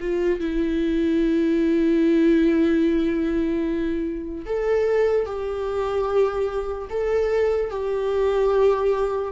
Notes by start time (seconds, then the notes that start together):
0.00 F4
0.39 E4
4.45 A4
5.26 G4
6.90 A4
7.70 G4